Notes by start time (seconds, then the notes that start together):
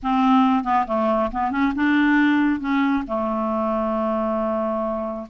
0.02 C4
0.64 B3
0.87 A3
1.31 B3
1.51 C#4
1.75 D4
2.60 C#4
3.07 A3